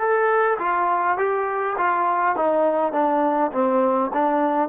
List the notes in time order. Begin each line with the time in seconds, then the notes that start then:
0.00 A4
0.59 F4
1.18 G4
1.78 F4
2.36 D#4
2.93 D4
3.52 C4
4.13 D4